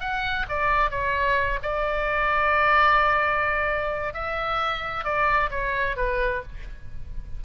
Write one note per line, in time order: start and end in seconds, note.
0.00 0.46 F#5
0.49 0.90 D5
0.90 1.59 C#5
1.62 4.13 D5
4.13 5.04 E5
5.04 5.50 D5
5.50 5.96 C#5
5.96 6.42 B4